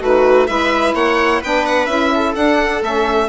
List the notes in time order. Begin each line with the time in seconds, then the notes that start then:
0.00 A3 D#4 F#4 B4
0.47 G#3 E4 B4 E5
0.94 A#3 C#5 F#5
1.40 B3 D4 B4 G5
1.66 F#5
1.86 C#4 E4 E5
2.14 A4
2.34 D4 F#5
2.81 A3 C#4 E5